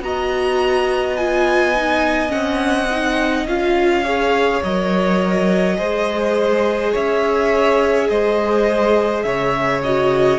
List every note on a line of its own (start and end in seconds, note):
0.00 2.31 B3
0.00 1.17 F#4
0.00 4.03 D#5
0.00 1.17 A#5
1.17 1.75 F4
1.17 2.31 G#5
1.75 2.28 D#4
2.28 3.46 C4
2.28 2.86 C#4
2.28 3.46 F#5
2.90 3.48 D#4
3.46 4.61 C#4
3.46 4.04 F4
3.46 4.63 F5
4.03 4.62 G#4
4.03 5.76 C#5
4.63 5.79 F#3
4.63 5.75 A#4
4.63 6.94 D#5
5.75 6.94 G#3
5.75 9.79 G#4
5.75 6.92 C5
6.92 8.09 C#4
6.92 8.07 C#5
6.92 8.09 E5
8.09 9.24 G#3
8.09 9.25 C5
8.09 9.23 D#5
9.23 10.38 C#3
9.23 10.38 C#5
9.23 9.81 E5
9.83 10.38 F#4
9.83 10.38 D#5